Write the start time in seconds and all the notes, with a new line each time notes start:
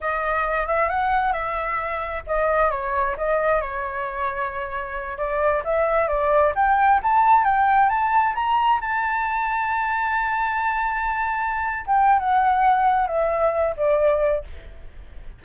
0.00 D#5
0.67 E5
0.89 F#5
1.32 E5
2.26 D#5
2.71 C#5
3.17 D#5
3.61 C#5
5.17 D5
5.64 E5
6.08 D5
6.55 G5
7.02 A5
7.44 G5
7.89 A5
8.35 A#5
8.81 A5
11.86 G5
12.19 F#5
13.07 E5
13.76 D5